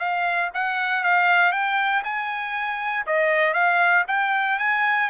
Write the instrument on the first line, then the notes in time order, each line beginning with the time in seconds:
trumpet
0.00 F5
0.54 F#5
1.04 F5
1.52 G5
2.04 G#5
3.07 D#5
3.54 F5
4.08 G5
4.59 G#5